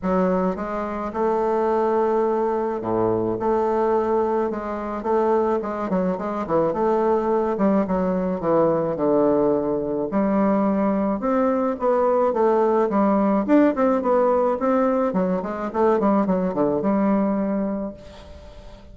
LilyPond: \new Staff \with { instrumentName = "bassoon" } { \time 4/4 \tempo 4 = 107 fis4 gis4 a2~ | a4 a,4 a2 | gis4 a4 gis8 fis8 gis8 e8 | a4. g8 fis4 e4 |
d2 g2 | c'4 b4 a4 g4 | d'8 c'8 b4 c'4 fis8 gis8 | a8 g8 fis8 d8 g2 | }